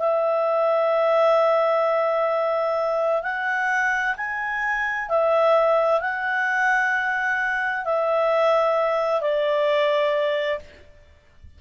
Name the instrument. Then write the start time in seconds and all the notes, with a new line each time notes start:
clarinet
0.00 E5
3.23 F#5
4.17 G#5
5.09 E5
6.01 F#5
7.85 E5
9.21 D5